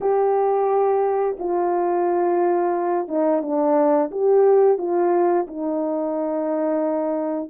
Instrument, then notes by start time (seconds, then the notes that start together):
horn
0.01 G4
1.39 F4
3.07 D#4
3.42 D4
4.11 G4
4.78 F4
5.47 D#4